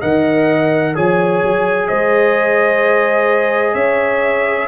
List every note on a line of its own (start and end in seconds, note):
0.00 0.96 D#3
0.00 0.95 A#4
0.00 0.94 D#5
0.00 0.95 F#5
0.95 1.43 F3
0.95 4.68 G#4
0.95 1.88 C#5
0.95 1.88 G#5
1.44 1.90 F#3
1.88 3.75 G#3
1.88 3.75 C5
1.88 3.75 D#5
3.75 4.68 C#4
3.75 4.68 C#5
3.75 4.68 E5